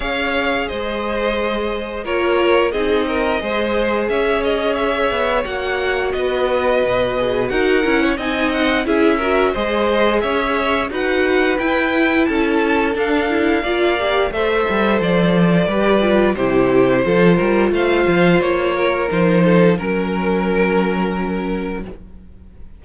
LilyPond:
<<
  \new Staff \with { instrumentName = "violin" } { \time 4/4 \tempo 4 = 88 f''4 dis''2 cis''4 | dis''2 e''8 dis''8 e''4 | fis''4 dis''2 fis''4 | gis''8 fis''8 e''4 dis''4 e''4 |
fis''4 g''4 a''4 f''4~ | f''4 e''4 d''2 | c''2 f''4 cis''4 | c''4 ais'2. | }
  \new Staff \with { instrumentName = "violin" } { \time 4/4 cis''4 c''2 ais'4 | gis'8 ais'8 c''4 cis''2~ | cis''4 b'2 ais'8. cis''16 | dis''4 gis'8 ais'8 c''4 cis''4 |
b'2 a'2 | d''4 c''2 b'4 | g'4 a'8 ais'8 c''4. ais'8~ | ais'8 a'8 ais'2. | }
  \new Staff \with { instrumentName = "viola" } { \time 4/4 gis'2. f'4 | dis'4 gis'2. | fis'2~ fis'8 gis'8 fis'8 e'8 | dis'4 e'8 fis'8 gis'2 |
fis'4 e'2 d'8 e'8 | f'8 g'8 a'2 g'8 f'8 | e'4 f'2. | dis'4 cis'2. | }
  \new Staff \with { instrumentName = "cello" } { \time 4/4 cis'4 gis2 ais4 | c'4 gis4 cis'4. b8 | ais4 b4 b,4 dis'8 cis'8 | c'4 cis'4 gis4 cis'4 |
dis'4 e'4 cis'4 d'4 | ais4 a8 g8 f4 g4 | c4 f8 g8 a8 f8 ais4 | f4 fis2. | }
>>